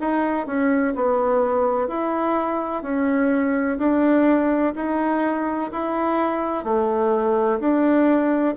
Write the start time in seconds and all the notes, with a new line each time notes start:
0.00 D#4
0.47 C#4
0.96 B3
1.88 E4
2.83 C#4
3.78 D4
4.75 D#4
5.72 E4
6.64 A3
7.60 D4